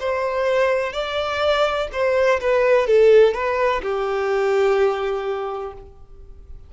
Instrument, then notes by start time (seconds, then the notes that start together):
violin
0.00 C5
0.93 D5
1.93 C5
2.41 B4
2.87 A4
3.34 B4
3.83 G4